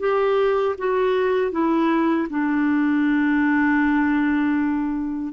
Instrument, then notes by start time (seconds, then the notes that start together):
clarinet
0.00 G4
0.78 F#4
1.52 E4
2.30 D4